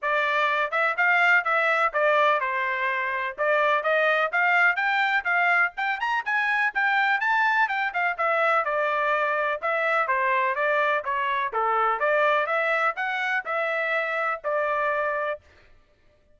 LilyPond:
\new Staff \with { instrumentName = "trumpet" } { \time 4/4 \tempo 4 = 125 d''4. e''8 f''4 e''4 | d''4 c''2 d''4 | dis''4 f''4 g''4 f''4 | g''8 ais''8 gis''4 g''4 a''4 |
g''8 f''8 e''4 d''2 | e''4 c''4 d''4 cis''4 | a'4 d''4 e''4 fis''4 | e''2 d''2 | }